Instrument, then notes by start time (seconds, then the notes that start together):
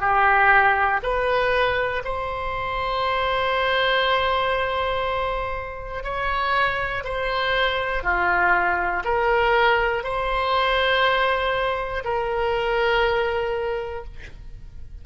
oboe
0.00 G4
1.02 B4
2.05 C5
6.04 C#5
7.04 C5
8.03 F4
9.05 A#4
10.03 C5
12.04 A#4